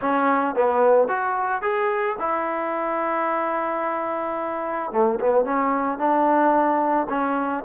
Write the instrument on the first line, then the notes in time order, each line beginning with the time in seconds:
trombone
0.01 C#4
0.55 B3
1.08 F#4
1.62 G#4
2.19 E4
4.92 A3
5.19 B3
5.44 C#4
5.98 D4
7.09 C#4